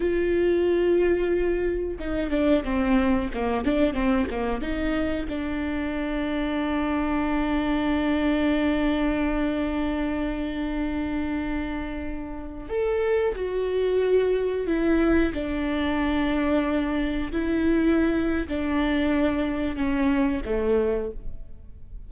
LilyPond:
\new Staff \with { instrumentName = "viola" } { \time 4/4 \tempo 4 = 91 f'2. dis'8 d'8 | c'4 ais8 d'8 c'8 ais8 dis'4 | d'1~ | d'1~ |
d'2.~ d'16 a'8.~ | a'16 fis'2 e'4 d'8.~ | d'2~ d'16 e'4.~ e'16 | d'2 cis'4 a4 | }